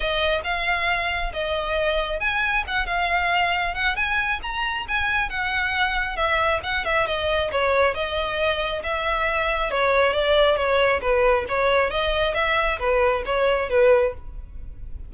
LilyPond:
\new Staff \with { instrumentName = "violin" } { \time 4/4 \tempo 4 = 136 dis''4 f''2 dis''4~ | dis''4 gis''4 fis''8 f''4.~ | f''8 fis''8 gis''4 ais''4 gis''4 | fis''2 e''4 fis''8 e''8 |
dis''4 cis''4 dis''2 | e''2 cis''4 d''4 | cis''4 b'4 cis''4 dis''4 | e''4 b'4 cis''4 b'4 | }